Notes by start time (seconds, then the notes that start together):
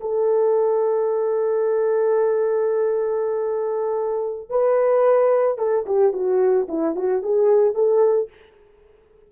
0.00 A4
4.49 B4
5.58 A4
5.86 G4
6.12 F#4
6.68 E4
6.95 F#4
7.22 G#4
7.74 A4